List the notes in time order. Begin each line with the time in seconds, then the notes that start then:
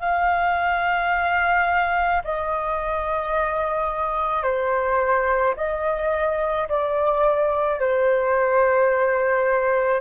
0.00 F5
2.24 D#5
4.43 C5
5.57 D#5
6.69 D5
7.80 C5